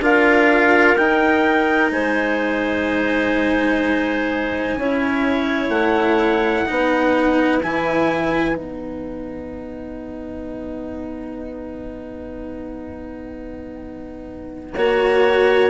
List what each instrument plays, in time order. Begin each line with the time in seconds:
0.00 bassoon D4, cello F4, clarinet A#4, trumpet F5
0.97 bassoon D#4, cello D#4, trumpet G5
1.91 bassoon G#3, clarinet C5, trumpet G#5
4.76 bassoon C#4, cello E4, clarinet C#5
5.69 bassoon A3, trumpet F#5
6.66 bassoon B3, cello D#4, clarinet B4
7.62 bassoon E3, cello E4, trumpet G#5
8.54 bassoon B3, cello D#4, trumpet F#5
14.77 bassoon A#3, cello F#4, clarinet C#5